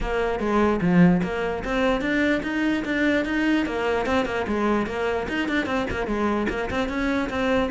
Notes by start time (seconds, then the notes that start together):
0.00 A#3
0.39 G#3
0.81 F3
1.23 A#3
1.64 C4
2.01 D4
2.43 D#4
2.84 D4
3.25 D#4
3.65 A#3
4.06 C4
4.25 A#3
4.47 G#3
4.86 A#3
5.28 D#4
5.48 D4
5.66 C4
5.90 A#3
6.06 G#3
6.49 A#3
6.70 C4
6.88 C#4
7.29 C4